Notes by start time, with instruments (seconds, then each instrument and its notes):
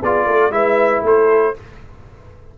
0.00 tuba B3, trombone F4, horn G#4, trumpet D5
0.26 tuba A3, horn A4
0.50 tuba G#3, trombone E4, horn B4, trumpet E5
1.03 tuba A3, horn A4, trumpet C5